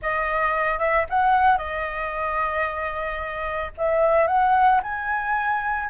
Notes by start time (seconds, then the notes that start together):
0.01 D#5
0.78 E5
1.09 F#5
1.57 D#5
3.77 E5
4.27 F#5
4.83 G#5